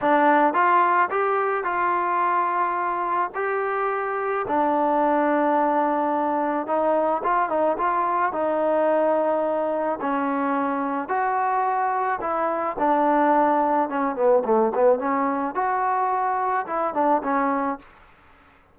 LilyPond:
\new Staff \with { instrumentName = "trombone" } { \time 4/4 \tempo 4 = 108 d'4 f'4 g'4 f'4~ | f'2 g'2 | d'1 | dis'4 f'8 dis'8 f'4 dis'4~ |
dis'2 cis'2 | fis'2 e'4 d'4~ | d'4 cis'8 b8 a8 b8 cis'4 | fis'2 e'8 d'8 cis'4 | }